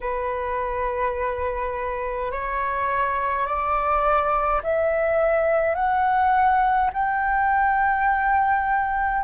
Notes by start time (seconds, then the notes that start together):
0.01 B4
2.31 C#5
3.46 D5
4.63 E5
5.74 F#5
6.93 G5